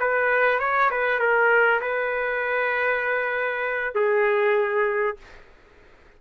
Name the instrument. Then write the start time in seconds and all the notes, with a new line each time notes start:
trumpet
0.00 B4
0.60 C#5
0.91 B4
1.20 A#4
1.81 B4
3.95 G#4